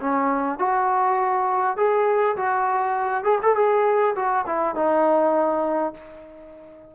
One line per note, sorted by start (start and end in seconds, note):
0.00 0.58 C#4
0.58 1.76 F#4
1.76 2.36 G#4
2.36 3.24 F#4
3.24 3.39 G#4
3.42 3.55 A4
3.55 4.14 G#4
4.15 4.45 F#4
4.46 4.75 E4
4.75 5.94 D#4